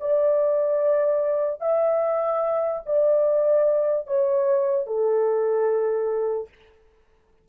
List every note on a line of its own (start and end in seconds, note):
0.00 1.60 D5
1.60 2.82 E5
2.85 4.07 D5
4.07 4.86 C#5
4.86 6.48 A4